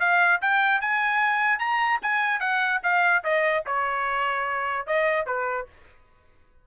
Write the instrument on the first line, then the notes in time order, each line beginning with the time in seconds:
trumpet
0.00 F5
0.42 G5
0.81 G#5
1.59 A#5
2.03 G#5
2.40 F#5
2.83 F5
3.24 D#5
3.66 C#5
4.87 D#5
5.26 B4